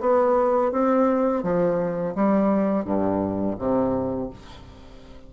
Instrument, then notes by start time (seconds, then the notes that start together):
bassoon
0.00 B3
0.71 C4
1.43 F3
2.15 G3
2.84 G2
3.58 C3